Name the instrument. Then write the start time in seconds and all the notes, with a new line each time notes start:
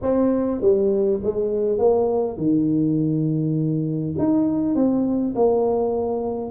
tuba
0.02 C4
0.61 G3
1.23 G#3
1.78 A#3
2.37 D#3
4.18 D#4
4.75 C4
5.35 A#3